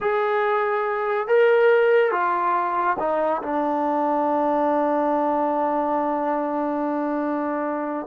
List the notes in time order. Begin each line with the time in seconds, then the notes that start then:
0.00 G#4
1.27 A#4
2.11 F4
2.99 D#4
3.42 D4